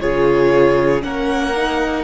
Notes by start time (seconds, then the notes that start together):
0.00 C#3 F4 G#4 C#5
1.02 A#3 C#4 A#4 F#5
1.57 D#4